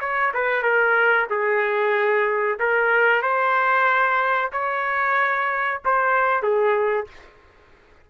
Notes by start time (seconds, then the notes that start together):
0.00 C#5
0.34 B4
0.62 A#4
1.30 G#4
2.59 A#4
3.22 C5
4.52 C#5
5.85 C5
6.42 G#4